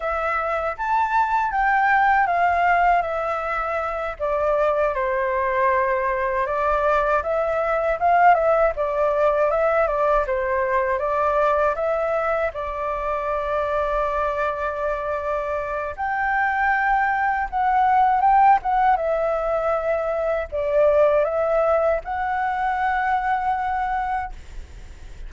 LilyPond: \new Staff \with { instrumentName = "flute" } { \time 4/4 \tempo 4 = 79 e''4 a''4 g''4 f''4 | e''4. d''4 c''4.~ | c''8 d''4 e''4 f''8 e''8 d''8~ | d''8 e''8 d''8 c''4 d''4 e''8~ |
e''8 d''2.~ d''8~ | d''4 g''2 fis''4 | g''8 fis''8 e''2 d''4 | e''4 fis''2. | }